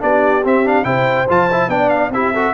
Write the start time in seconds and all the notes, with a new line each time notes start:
0.00 B3 D4 G4 D5
0.44 C4 E5
0.65 D4 F5
0.85 C3 E4 C5 G5
1.29 F3 F4 A5
1.52 E4
1.68 B3 D4 D5 G5
1.90 F5
2.10 C4 E4 G4 E5
2.33 F#4 A4